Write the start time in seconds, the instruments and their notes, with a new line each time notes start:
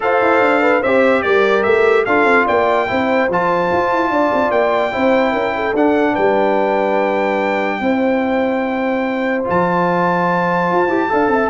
0.00 tuba F4, trombone A4, horn C5, trumpet F5
0.21 tuba E4
0.40 tuba D4
0.61 horn B4
0.81 tuba C4, trombone G4, horn C5, trumpet E5
1.22 tuba G3, horn A#4, trumpet D5
1.63 tuba A3, trumpet E5
2.05 tuba D4, trombone F4, horn A4, trumpet F5
2.24 tuba C4
2.45 tuba A#3, horn D5, trumpet G5
2.87 tuba C4, trombone E4, horn C5
3.29 tuba F3, trombone F4, trumpet A5
3.72 tuba F4
3.92 tuba E4
4.10 tuba D4, horn D5
4.33 tuba C4
4.51 tuba A#3, trumpet G5
4.91 tuba C4, trombone E4, horn C5
5.32 tuba C#4, horn A#4
5.55 horn A4
5.74 tuba D4, trombone D4, trumpet F#5
6.12 tuba G3, horn B4, trumpet G5
7.80 tuba C4, trombone E4, horn C5
9.44 tuba F3, trombone F4, trumpet A5
10.71 tuba F4
10.87 tuba E4, trombone G4
11.09 tuba D4, trombone A4, horn F5
11.27 tuba C4, horn E5